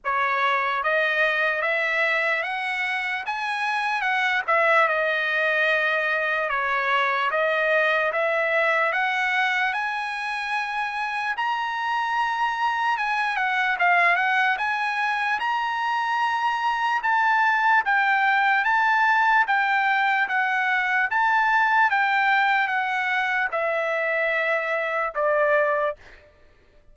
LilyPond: \new Staff \with { instrumentName = "trumpet" } { \time 4/4 \tempo 4 = 74 cis''4 dis''4 e''4 fis''4 | gis''4 fis''8 e''8 dis''2 | cis''4 dis''4 e''4 fis''4 | gis''2 ais''2 |
gis''8 fis''8 f''8 fis''8 gis''4 ais''4~ | ais''4 a''4 g''4 a''4 | g''4 fis''4 a''4 g''4 | fis''4 e''2 d''4 | }